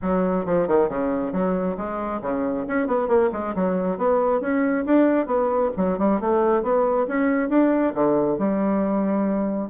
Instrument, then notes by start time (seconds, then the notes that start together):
bassoon
0.02 F#3
0.45 F3
0.67 D#3
0.88 C#3
1.32 F#3
1.77 G#3
2.21 C#3
2.67 C#4
2.87 B3
3.08 A#3
3.32 G#3
3.55 F#3
3.97 B3
4.40 C#4
4.85 D4
5.26 B3
5.76 F#3
5.98 G3
6.20 A3
6.62 B3
7.07 C#4
7.49 D4
7.94 D3
8.38 G3